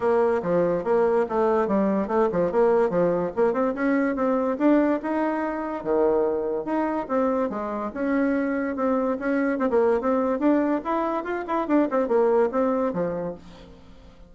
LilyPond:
\new Staff \with { instrumentName = "bassoon" } { \time 4/4 \tempo 4 = 144 ais4 f4 ais4 a4 | g4 a8 f8 ais4 f4 | ais8 c'8 cis'4 c'4 d'4 | dis'2 dis2 |
dis'4 c'4 gis4 cis'4~ | cis'4 c'4 cis'4 c'16 ais8. | c'4 d'4 e'4 f'8 e'8 | d'8 c'8 ais4 c'4 f4 | }